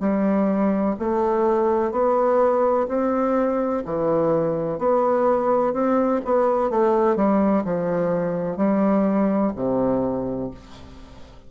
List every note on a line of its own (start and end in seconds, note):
0.00 0.95 G3
0.99 1.92 A3
1.92 2.87 B3
2.88 3.84 C4
3.85 4.79 E3
4.79 5.74 B3
5.74 6.21 C4
6.25 6.70 B3
6.70 7.16 A3
7.16 7.64 G3
7.65 8.57 F3
8.57 9.52 G3
9.56 10.51 C3